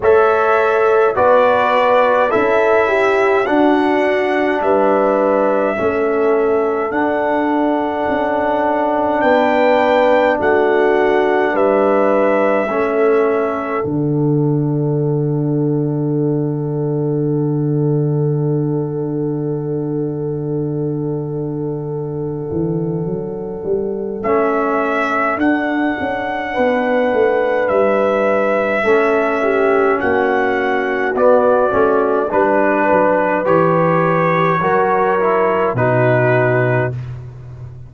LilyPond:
<<
  \new Staff \with { instrumentName = "trumpet" } { \time 4/4 \tempo 4 = 52 e''4 d''4 e''4 fis''4 | e''2 fis''2 | g''4 fis''4 e''2 | fis''1~ |
fis''1~ | fis''4 e''4 fis''2 | e''2 fis''4 d''4 | b'4 cis''2 b'4 | }
  \new Staff \with { instrumentName = "horn" } { \time 4/4 cis''4 b'4 a'8 g'8 fis'4 | b'4 a'2. | b'4 fis'4 b'4 a'4~ | a'1~ |
a'1~ | a'2. b'4~ | b'4 a'8 g'8 fis'2 | b'2 ais'4 fis'4 | }
  \new Staff \with { instrumentName = "trombone" } { \time 4/4 a'4 fis'4 e'4 d'4~ | d'4 cis'4 d'2~ | d'2. cis'4 | d'1~ |
d'1~ | d'4 cis'4 d'2~ | d'4 cis'2 b8 cis'8 | d'4 g'4 fis'8 e'8 dis'4 | }
  \new Staff \with { instrumentName = "tuba" } { \time 4/4 a4 b4 cis'4 d'4 | g4 a4 d'4 cis'4 | b4 a4 g4 a4 | d1~ |
d2.~ d8 e8 | fis8 g8 a4 d'8 cis'8 b8 a8 | g4 a4 ais4 b8 a8 | g8 fis8 e4 fis4 b,4 | }
>>